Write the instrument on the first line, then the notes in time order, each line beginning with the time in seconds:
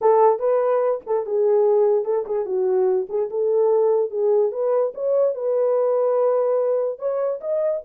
horn
0.01 A4
0.39 B4
1.06 A4
1.26 G#4
2.04 A4
2.25 G#4
2.45 F#4
3.09 G#4
3.30 A4
4.10 G#4
4.51 B4
4.94 C#5
5.35 B4
6.99 C#5
7.40 D#5